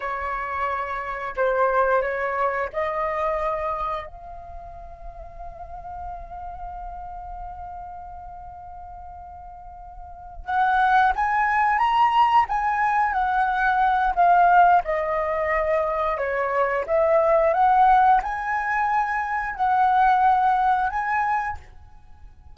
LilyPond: \new Staff \with { instrumentName = "flute" } { \time 4/4 \tempo 4 = 89 cis''2 c''4 cis''4 | dis''2 f''2~ | f''1~ | f''2.~ f''8 fis''8~ |
fis''8 gis''4 ais''4 gis''4 fis''8~ | fis''4 f''4 dis''2 | cis''4 e''4 fis''4 gis''4~ | gis''4 fis''2 gis''4 | }